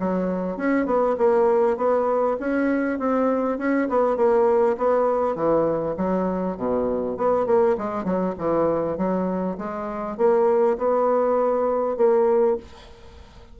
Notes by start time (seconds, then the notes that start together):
0.00 F#3
0.57 C#4
0.86 B3
1.18 A#3
1.78 B3
2.40 C#4
2.99 C4
3.59 C#4
3.89 B3
4.17 A#3
4.78 B3
5.36 E3
5.98 F#3
6.57 B2
7.18 B3
7.46 A#3
7.78 G#3
8.05 F#3
8.38 E3
8.98 F#3
9.58 G#3
10.18 A#3
10.78 B3
11.98 A#3